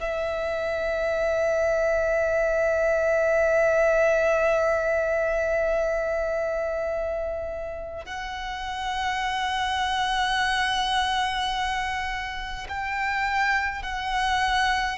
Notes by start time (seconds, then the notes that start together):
0.00 E5
8.06 F#5
12.68 G5
13.83 F#5